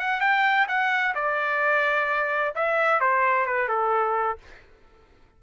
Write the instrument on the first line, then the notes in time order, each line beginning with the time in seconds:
trumpet
0.00 F#5
0.21 G5
0.68 F#5
1.15 D5
2.56 E5
3.01 C5
3.47 B4
3.69 A4